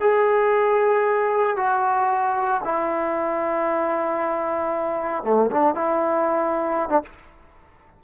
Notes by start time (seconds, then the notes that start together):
0.00 G#4
1.56 F#4
2.64 E4
5.24 A3
5.50 D4
5.74 E4
6.89 D4